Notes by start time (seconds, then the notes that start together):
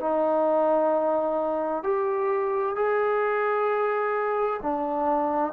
0.00 D#4
1.83 G4
2.76 G#4
4.62 D4